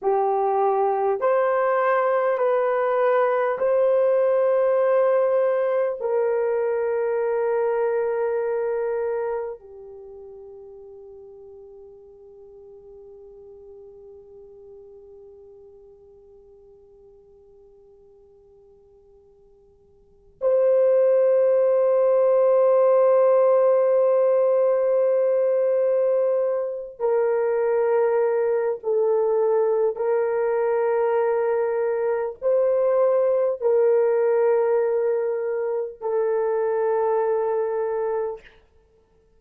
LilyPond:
\new Staff \with { instrumentName = "horn" } { \time 4/4 \tempo 4 = 50 g'4 c''4 b'4 c''4~ | c''4 ais'2. | g'1~ | g'1~ |
g'4 c''2.~ | c''2~ c''8 ais'4. | a'4 ais'2 c''4 | ais'2 a'2 | }